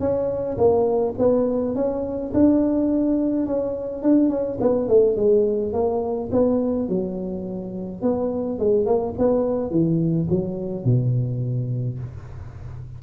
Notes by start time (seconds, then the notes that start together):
0.00 C#4
0.57 A#3
1.18 B3
1.75 C#4
2.34 D4
3.46 C#4
4.03 D4
4.30 C#4
4.61 B3
4.88 A3
5.16 G#3
5.73 A#3
6.32 B3
6.89 F#3
8.02 B3
8.59 G#3
8.86 A#3
9.18 B3
9.71 E3
10.30 F#3
10.85 B2